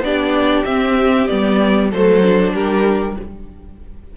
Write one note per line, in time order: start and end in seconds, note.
0.00 0.62 B3
0.00 0.65 D4
0.00 1.90 G4
0.00 0.65 D5
0.65 1.28 C4
0.65 1.27 E5
1.27 1.92 G3
1.27 1.91 B3
1.27 1.90 D5
1.90 2.54 F#3
1.90 2.23 A3
1.90 2.53 A4
1.90 2.54 C5
2.23 3.17 D4
2.54 3.16 G3
2.54 3.17 G4
2.54 3.17 A#4